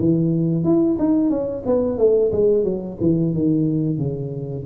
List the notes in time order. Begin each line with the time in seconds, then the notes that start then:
0.00 E3
0.64 E4
0.99 D#4
1.30 C#4
1.67 B3
1.98 A3
2.32 G#3
2.64 F#3
3.01 E3
3.34 D#3
3.98 C#3